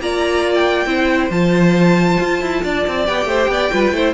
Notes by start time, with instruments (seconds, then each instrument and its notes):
0.00 cello A#3, viola F4, violin D5 A#5
0.54 violin G5
0.86 cello C4, viola E4, violin C5
1.30 cello F3, viola F4, violin A5
2.20 cello F4
2.41 cello E4
2.63 cello D4, violin D5
2.87 cello C4
3.06 cello B3, viola G4, violin G5
3.25 cello A3, violin C5
3.48 cello B3, violin D5
3.71 cello G3, viola F4, violin B4
3.92 cello A3, viola E4, violin C5